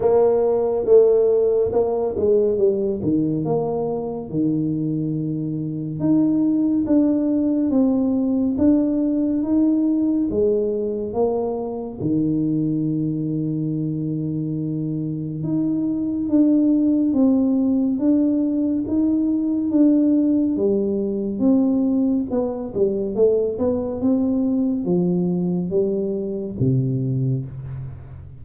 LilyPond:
\new Staff \with { instrumentName = "tuba" } { \time 4/4 \tempo 4 = 70 ais4 a4 ais8 gis8 g8 dis8 | ais4 dis2 dis'4 | d'4 c'4 d'4 dis'4 | gis4 ais4 dis2~ |
dis2 dis'4 d'4 | c'4 d'4 dis'4 d'4 | g4 c'4 b8 g8 a8 b8 | c'4 f4 g4 c4 | }